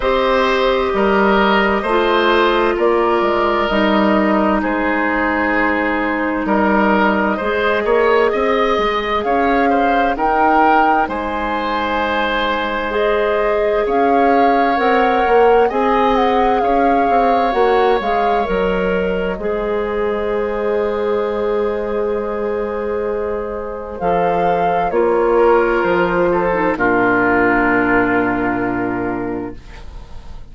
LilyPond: <<
  \new Staff \with { instrumentName = "flute" } { \time 4/4 \tempo 4 = 65 dis''2. d''4 | dis''4 c''2 dis''4~ | dis''2 f''4 g''4 | gis''2 dis''4 f''4 |
fis''4 gis''8 fis''8 f''4 fis''8 f''8 | dis''1~ | dis''2 f''4 cis''4 | c''4 ais'2. | }
  \new Staff \with { instrumentName = "oboe" } { \time 4/4 c''4 ais'4 c''4 ais'4~ | ais'4 gis'2 ais'4 | c''8 cis''8 dis''4 cis''8 c''8 ais'4 | c''2. cis''4~ |
cis''4 dis''4 cis''2~ | cis''4 c''2.~ | c''2.~ c''8 ais'8~ | ais'8 a'8 f'2. | }
  \new Staff \with { instrumentName = "clarinet" } { \time 4/4 g'2 f'2 | dis'1 | gis'2. dis'4~ | dis'2 gis'2 |
ais'4 gis'2 fis'8 gis'8 | ais'4 gis'2.~ | gis'2 a'4 f'4~ | f'8. dis'16 d'2. | }
  \new Staff \with { instrumentName = "bassoon" } { \time 4/4 c'4 g4 a4 ais8 gis8 | g4 gis2 g4 | gis8 ais8 c'8 gis8 cis'4 dis'4 | gis2. cis'4 |
c'8 ais8 c'4 cis'8 c'8 ais8 gis8 | fis4 gis2.~ | gis2 f4 ais4 | f4 ais,2. | }
>>